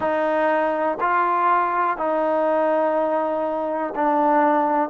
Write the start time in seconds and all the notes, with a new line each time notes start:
0.00 D#4
1.00 F4
1.97 D#4
3.95 D4